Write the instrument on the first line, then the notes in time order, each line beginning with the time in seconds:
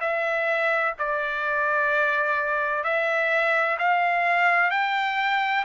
trumpet
0.00 E5
0.98 D5
2.83 E5
3.78 F5
4.70 G5